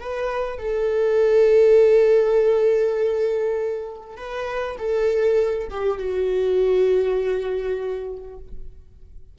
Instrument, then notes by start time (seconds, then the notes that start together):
viola
0.00 B4
0.59 A4
4.17 B4
4.78 A4
5.70 G4
5.98 F#4